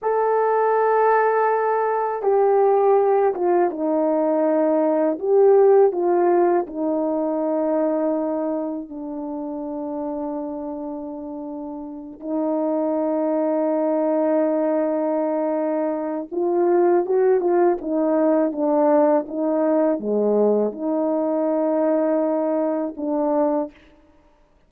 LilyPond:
\new Staff \with { instrumentName = "horn" } { \time 4/4 \tempo 4 = 81 a'2. g'4~ | g'8 f'8 dis'2 g'4 | f'4 dis'2. | d'1~ |
d'8 dis'2.~ dis'8~ | dis'2 f'4 fis'8 f'8 | dis'4 d'4 dis'4 gis4 | dis'2. d'4 | }